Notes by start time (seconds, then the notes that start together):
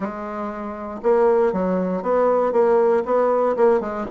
0.00 G#3
1.03 A#3
1.52 F#3
2.02 B3
2.52 A#3
3.05 B3
3.56 A#3
3.80 G#3